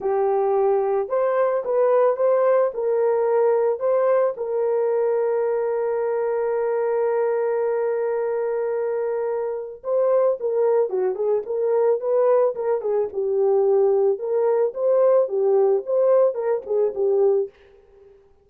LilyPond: \new Staff \with { instrumentName = "horn" } { \time 4/4 \tempo 4 = 110 g'2 c''4 b'4 | c''4 ais'2 c''4 | ais'1~ | ais'1~ |
ais'2 c''4 ais'4 | fis'8 gis'8 ais'4 b'4 ais'8 gis'8 | g'2 ais'4 c''4 | g'4 c''4 ais'8 gis'8 g'4 | }